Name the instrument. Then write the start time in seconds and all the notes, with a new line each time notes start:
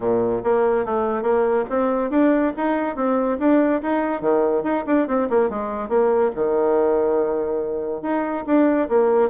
bassoon
0.00 A#2
0.43 A#3
0.85 A3
1.22 A#3
1.69 C4
2.10 D4
2.56 D#4
2.95 C4
3.39 D4
3.82 D#4
4.21 D#3
4.63 D#4
4.86 D4
5.07 C4
5.29 A#3
5.49 G#3
5.88 A#3
6.35 D#3
8.02 D#4
8.46 D4
8.88 A#3